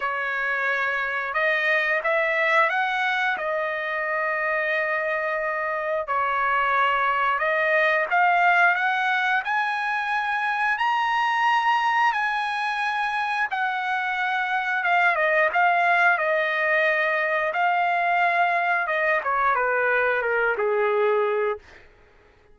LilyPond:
\new Staff \with { instrumentName = "trumpet" } { \time 4/4 \tempo 4 = 89 cis''2 dis''4 e''4 | fis''4 dis''2.~ | dis''4 cis''2 dis''4 | f''4 fis''4 gis''2 |
ais''2 gis''2 | fis''2 f''8 dis''8 f''4 | dis''2 f''2 | dis''8 cis''8 b'4 ais'8 gis'4. | }